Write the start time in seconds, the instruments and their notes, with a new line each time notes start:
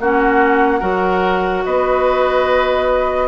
0.00 bassoon A#3, clarinet C#4, oboe F#4, flute F#5
0.80 bassoon F#3, clarinet F#4, oboe A#4
1.65 bassoon B3, oboe B4, flute D#5